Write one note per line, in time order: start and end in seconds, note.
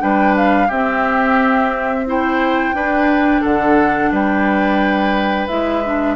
0.00 0.70 G3
0.00 0.68 D4
0.00 0.68 B4
0.00 0.35 G5
0.37 0.71 F5
0.68 2.73 C4
0.68 2.06 C4
0.68 2.04 G4
0.68 2.07 E5
2.06 2.75 E4
2.06 2.76 C5
2.06 3.44 G5
2.73 3.41 D4
2.73 5.48 D4
2.73 3.41 B4
3.41 4.12 D3
3.41 4.10 A4
3.41 4.12 F#5
4.12 5.48 G3
4.12 6.16 B4
4.12 5.48 G5
5.48 6.16 G#3
5.48 5.83 E4
5.48 6.16 E5
5.85 6.16 D4